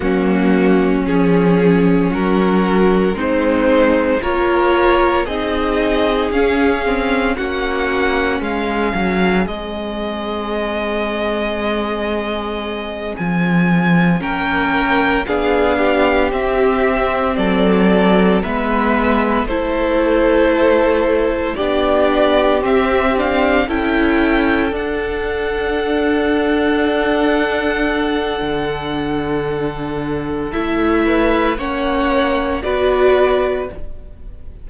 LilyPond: <<
  \new Staff \with { instrumentName = "violin" } { \time 4/4 \tempo 4 = 57 fis'4 gis'4 ais'4 c''4 | cis''4 dis''4 f''4 fis''4 | f''4 dis''2.~ | dis''8 gis''4 g''4 f''4 e''8~ |
e''8 d''4 e''4 c''4.~ | c''8 d''4 e''8 f''8 g''4 fis''8~ | fis''1~ | fis''4 e''4 fis''4 d''4 | }
  \new Staff \with { instrumentName = "violin" } { \time 4/4 cis'2 fis'4 dis'4 | ais'4 gis'2 fis'4 | gis'1~ | gis'4. ais'4 gis'8 g'4~ |
g'8 a'4 b'4 a'4.~ | a'8 g'2 a'4.~ | a'1~ | a'4. b'8 cis''4 b'4 | }
  \new Staff \with { instrumentName = "viola" } { \time 4/4 ais4 cis'2 c'4 | f'4 dis'4 cis'8 c'8 cis'4~ | cis'4 c'2.~ | c'4. cis'4 d'4 c'8~ |
c'4. b4 e'4.~ | e'8 d'4 c'8 d'8 e'4 d'8~ | d'1~ | d'4 e'4 cis'4 fis'4 | }
  \new Staff \with { instrumentName = "cello" } { \time 4/4 fis4 f4 fis4 gis4 | ais4 c'4 cis'4 ais4 | gis8 fis8 gis2.~ | gis8 f4 ais4 b4 c'8~ |
c'8 fis4 gis4 a4.~ | a8 b4 c'4 cis'4 d'8~ | d'2. d4~ | d4 a4 ais4 b4 | }
>>